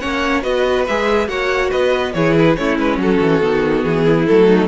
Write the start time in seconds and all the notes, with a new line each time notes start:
0.00 A#3 C#4 C#5 F#5
0.43 B3 F#4 B4 D#5
0.87 G#3 G#4 E5
1.28 A#3 F#4 C#5 F#5
1.71 B3 B4 D#5
2.14 E3 E4 G#4 C#5
2.39 B4
2.57 A3 C#4 E4 C#5
2.78 G#3 B4
2.98 F#3 F#4 A4
3.21 E3
3.42 D#3 B3
3.84 E3 G#4
4.05 E4
4.27 F#3 A3 A4
4.48 D#4